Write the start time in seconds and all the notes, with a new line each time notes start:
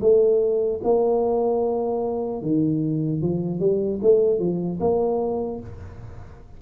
0.00 A3
0.83 A#3
2.41 D#3
3.21 F3
3.59 G3
4.01 A3
4.39 F3
4.80 A#3